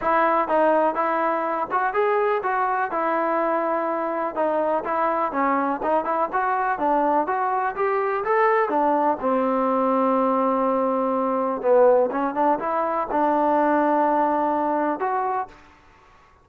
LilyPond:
\new Staff \with { instrumentName = "trombone" } { \time 4/4 \tempo 4 = 124 e'4 dis'4 e'4. fis'8 | gis'4 fis'4 e'2~ | e'4 dis'4 e'4 cis'4 | dis'8 e'8 fis'4 d'4 fis'4 |
g'4 a'4 d'4 c'4~ | c'1 | b4 cis'8 d'8 e'4 d'4~ | d'2. fis'4 | }